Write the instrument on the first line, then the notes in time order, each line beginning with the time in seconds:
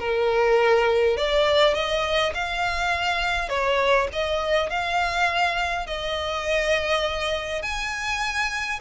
violin
0.00 A#4
1.17 D5
1.75 D#5
2.35 F5
3.49 C#5
4.13 D#5
4.70 F5
5.87 D#5
7.63 G#5